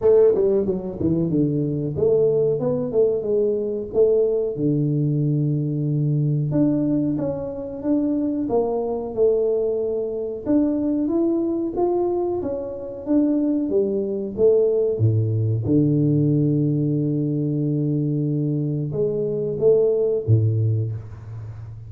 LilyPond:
\new Staff \with { instrumentName = "tuba" } { \time 4/4 \tempo 4 = 92 a8 g8 fis8 e8 d4 a4 | b8 a8 gis4 a4 d4~ | d2 d'4 cis'4 | d'4 ais4 a2 |
d'4 e'4 f'4 cis'4 | d'4 g4 a4 a,4 | d1~ | d4 gis4 a4 a,4 | }